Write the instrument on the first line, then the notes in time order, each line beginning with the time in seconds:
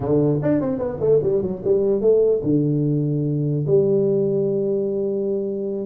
tuba
0.00 D3
0.42 D4
0.60 C4
0.78 B3
1.00 A3
1.23 G3
1.42 F#3
1.64 G3
2.01 A3
2.43 D3
3.67 G3